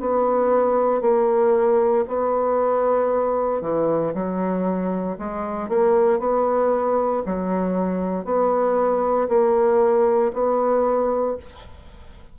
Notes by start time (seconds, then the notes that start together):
0.00 B3
1.01 A#3
2.07 B3
3.61 E3
4.14 F#3
5.18 G#3
5.68 A#3
6.19 B3
7.26 F#3
8.24 B3
9.28 A#3
10.33 B3